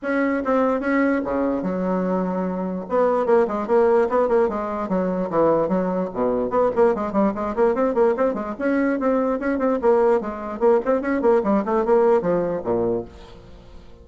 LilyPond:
\new Staff \with { instrumentName = "bassoon" } { \time 4/4 \tempo 4 = 147 cis'4 c'4 cis'4 cis4 | fis2. b4 | ais8 gis8 ais4 b8 ais8 gis4 | fis4 e4 fis4 b,4 |
b8 ais8 gis8 g8 gis8 ais8 c'8 ais8 | c'8 gis8 cis'4 c'4 cis'8 c'8 | ais4 gis4 ais8 c'8 cis'8 ais8 | g8 a8 ais4 f4 ais,4 | }